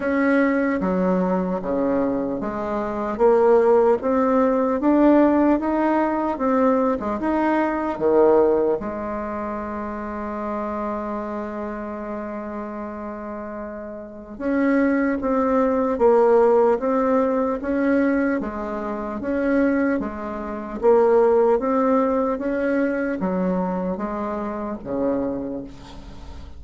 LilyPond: \new Staff \with { instrumentName = "bassoon" } { \time 4/4 \tempo 4 = 75 cis'4 fis4 cis4 gis4 | ais4 c'4 d'4 dis'4 | c'8. gis16 dis'4 dis4 gis4~ | gis1~ |
gis2 cis'4 c'4 | ais4 c'4 cis'4 gis4 | cis'4 gis4 ais4 c'4 | cis'4 fis4 gis4 cis4 | }